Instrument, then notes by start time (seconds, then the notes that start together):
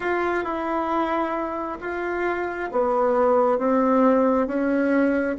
bassoon
0.00 F4
0.44 E4
1.80 F4
2.71 B3
3.58 C4
4.47 C#4